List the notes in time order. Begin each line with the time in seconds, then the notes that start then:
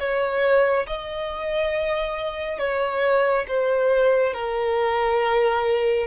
0.00 C#5
0.87 D#5
2.59 C#5
3.49 C5
4.34 A#4